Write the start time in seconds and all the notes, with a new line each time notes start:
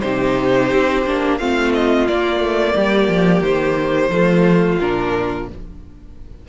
0.00 C3 D#4 G4 C5
0.71 C4
1.06 A#3 D4
1.38 A3 C4 F4 F5
1.74 D#5
2.08 A#3 D5
2.40 A3
2.74 G3 G4
3.09 F3
3.41 D#3 C5
4.09 F3 A3 F4
4.80 A#2 D4 A#4